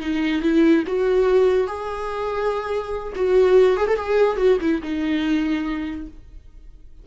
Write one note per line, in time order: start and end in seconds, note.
0.00 0.41 D#4
0.41 0.83 E4
0.87 1.67 F#4
1.67 3.13 G#4
3.15 3.76 F#4
3.76 3.87 G#4
3.87 3.96 A4
3.96 4.37 G#4
4.37 4.57 F#4
4.60 4.81 E4
4.82 6.07 D#4